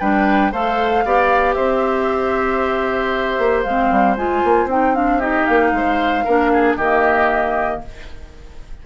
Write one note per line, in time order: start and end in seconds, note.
0.00 0.52 G3
0.00 0.53 D4
0.00 0.52 B4
0.00 0.52 G5
0.52 1.05 A3
0.52 1.05 A4
0.52 1.04 C5
0.52 1.54 F5
1.05 1.57 B3
1.05 3.67 G4
1.05 1.56 D5
1.54 3.39 C4
1.54 5.19 C5
1.54 3.62 E5
3.39 3.65 A#3
3.63 3.91 G#3
3.63 4.17 C4
3.63 4.15 F5
3.91 4.17 G3
4.17 4.43 G#3
4.17 4.69 F4
4.17 4.69 G#5
4.44 4.66 A#3
4.66 5.44 C4
4.66 4.95 D#4
4.66 4.95 G5
4.95 5.21 D4
4.95 5.21 F5
5.19 6.25 D#4
5.19 5.71 G4
5.19 5.46 D#5
5.46 5.72 A#3
5.46 6.77 F5
5.72 6.24 G#3
5.72 6.25 C5
6.25 6.77 A#3
6.25 6.80 D4
6.25 6.51 A#4
6.53 6.77 G#4
6.77 7.81 D#3
6.77 7.86 A#3
6.77 7.81 G4
6.77 7.82 D#5